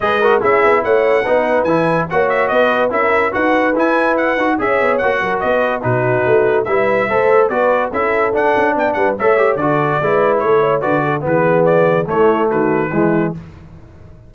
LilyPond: <<
  \new Staff \with { instrumentName = "trumpet" } { \time 4/4 \tempo 4 = 144 dis''4 e''4 fis''2 | gis''4 fis''8 e''8 dis''4 e''4 | fis''4 gis''4 fis''4 e''4 | fis''4 dis''4 b'2 |
e''2 d''4 e''4 | fis''4 g''8 fis''8 e''4 d''4~ | d''4 cis''4 d''4 b'4 | d''4 cis''4 b'2 | }
  \new Staff \with { instrumentName = "horn" } { \time 4/4 b'8 ais'8 gis'4 cis''4 b'4~ | b'4 cis''4 b'4 ais'4 | b'2. cis''4~ | cis''8 ais'8 b'4 fis'2 |
b'4 c''4 b'4 a'4~ | a'4 d''8 b'8 cis''4 a'4 | b'4 a'8 cis''8 b'8 a'8 gis'4~ | gis'4 e'4 fis'4 e'4 | }
  \new Staff \with { instrumentName = "trombone" } { \time 4/4 gis'8 fis'8 e'2 dis'4 | e'4 fis'2 e'4 | fis'4 e'4. fis'8 gis'4 | fis'2 dis'2 |
e'4 a'4 fis'4 e'4 | d'2 a'8 g'8 fis'4 | e'2 fis'4 b4~ | b4 a2 gis4 | }
  \new Staff \with { instrumentName = "tuba" } { \time 4/4 gis4 cis'8 b8 a4 b4 | e4 ais4 b4 cis'4 | dis'4 e'4. dis'8 cis'8 b8 | ais8 fis8 b4 b,4 a4 |
g4 a4 b4 cis'4 | d'8 cis'8 b8 g8 a4 d4 | gis4 a4 d4 e4~ | e4 a4 dis4 e4 | }
>>